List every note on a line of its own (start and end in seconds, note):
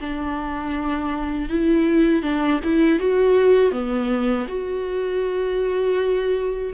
0.00 1.49 D4
1.49 2.22 E4
2.22 2.59 D4
2.63 2.99 E4
2.99 3.71 F#4
3.71 4.46 B3
4.48 6.73 F#4